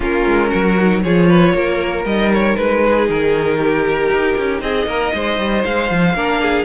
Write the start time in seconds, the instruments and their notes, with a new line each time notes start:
0.00 cello A#3, viola C#4, violin F4 A#4
0.25 cello G#3
0.48 cello F#3, violin F#4
0.80 viola D#4
1.02 cello F3, viola F4, violin G#4 C#5
1.28 violin B4
1.53 cello A#3, violin A#4
2.04 cello G3, viola D#4, violin D#5
2.33 violin C#5
2.56 cello G#3, violin B4
2.85 violin G#4
3.09 cello D#3, violin A#4
3.58 violin G4
4.09 cello D#4
4.38 cello C#4
4.61 cello C4, violin G#4 D#5
4.86 cello A#3, violin A#4
5.13 cello G#3, violin C5
5.38 cello G3
5.64 cello G#3, violin F5
5.90 cello F3
6.14 cello A#3, viola D4, violin A#4
6.41 violin G#4